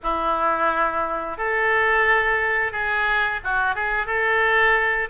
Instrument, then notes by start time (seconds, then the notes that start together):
oboe
0.02 E4
1.37 A4
2.71 G#4
3.43 F#4
3.75 G#4
4.06 A4